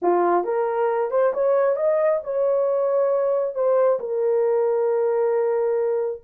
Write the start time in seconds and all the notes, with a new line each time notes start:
0.01 F4
0.44 A#4
1.10 C5
1.33 C#5
1.76 D#5
2.23 C#5
3.54 C5
3.99 A#4